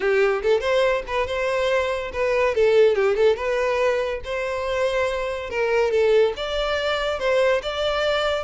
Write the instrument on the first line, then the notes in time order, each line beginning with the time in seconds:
violin
0.00 G4
0.42 A4
0.60 C5
1.07 B4
1.27 C5
2.13 B4
2.55 A4
2.95 G4
3.16 A4
3.36 B4
4.24 C5
5.50 A#4
5.91 A4
6.36 D5
7.19 C5
7.62 D5